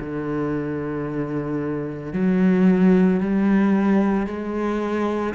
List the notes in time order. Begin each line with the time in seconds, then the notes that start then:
0.00 D3
2.13 F#3
3.20 G3
4.27 G#3